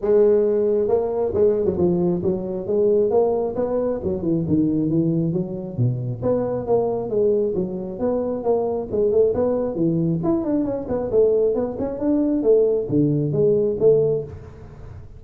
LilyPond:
\new Staff \with { instrumentName = "tuba" } { \time 4/4 \tempo 4 = 135 gis2 ais4 gis8. fis16 | f4 fis4 gis4 ais4 | b4 fis8 e8 dis4 e4 | fis4 b,4 b4 ais4 |
gis4 fis4 b4 ais4 | gis8 a8 b4 e4 e'8 d'8 | cis'8 b8 a4 b8 cis'8 d'4 | a4 d4 gis4 a4 | }